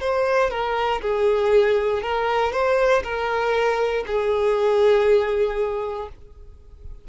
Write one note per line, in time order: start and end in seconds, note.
0.00 0.50 C5
0.51 1.01 A#4
1.02 2.03 G#4
2.03 2.52 A#4
2.52 3.03 C5
3.04 4.05 A#4
4.07 6.09 G#4